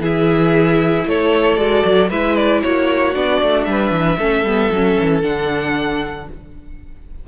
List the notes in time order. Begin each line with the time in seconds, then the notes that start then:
0.00 E3 E4 G#4 E5
1.06 A3 A4 C#5
1.57 G#3 F#4 D5
1.85 F#3
2.10 G#3 E4 B4 E5
2.36 D5
2.62 A#3 F#4 C#5
3.14 B3 D4 D5
3.42 A3
3.64 G3 E5
3.70 B4
3.91 E3
4.18 A3 C#4 A4
4.43 G3 B3
4.72 F#3 C#4
5.00 E3
5.21 D3 D4 F#5